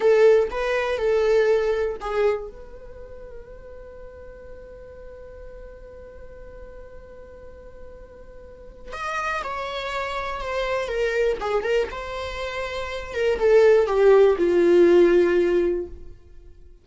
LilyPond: \new Staff \with { instrumentName = "viola" } { \time 4/4 \tempo 4 = 121 a'4 b'4 a'2 | gis'4 b'2.~ | b'1~ | b'1~ |
b'2 dis''4 cis''4~ | cis''4 c''4 ais'4 gis'8 ais'8 | c''2~ c''8 ais'8 a'4 | g'4 f'2. | }